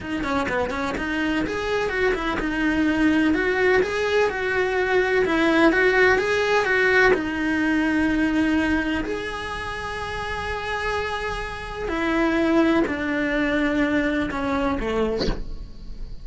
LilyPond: \new Staff \with { instrumentName = "cello" } { \time 4/4 \tempo 4 = 126 dis'8 cis'8 b8 cis'8 dis'4 gis'4 | fis'8 e'8 dis'2 fis'4 | gis'4 fis'2 e'4 | fis'4 gis'4 fis'4 dis'4~ |
dis'2. gis'4~ | gis'1~ | gis'4 e'2 d'4~ | d'2 cis'4 a4 | }